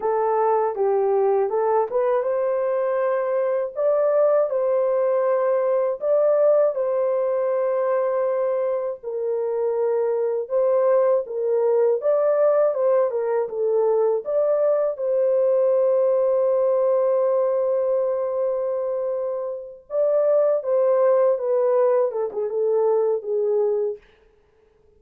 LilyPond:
\new Staff \with { instrumentName = "horn" } { \time 4/4 \tempo 4 = 80 a'4 g'4 a'8 b'8 c''4~ | c''4 d''4 c''2 | d''4 c''2. | ais'2 c''4 ais'4 |
d''4 c''8 ais'8 a'4 d''4 | c''1~ | c''2~ c''8 d''4 c''8~ | c''8 b'4 a'16 gis'16 a'4 gis'4 | }